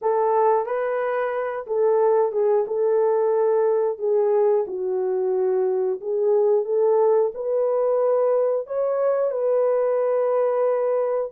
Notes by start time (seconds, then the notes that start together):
0.01 A4
0.65 B4
1.66 A4
2.32 G#4
2.67 A4
3.98 G#4
4.67 F#4
6.00 G#4
6.65 A4
7.34 B4
8.67 C#5
9.31 B4